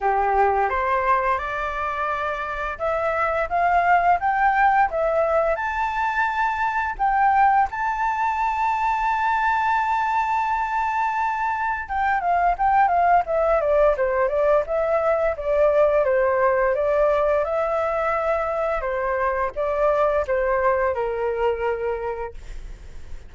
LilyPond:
\new Staff \with { instrumentName = "flute" } { \time 4/4 \tempo 4 = 86 g'4 c''4 d''2 | e''4 f''4 g''4 e''4 | a''2 g''4 a''4~ | a''1~ |
a''4 g''8 f''8 g''8 f''8 e''8 d''8 | c''8 d''8 e''4 d''4 c''4 | d''4 e''2 c''4 | d''4 c''4 ais'2 | }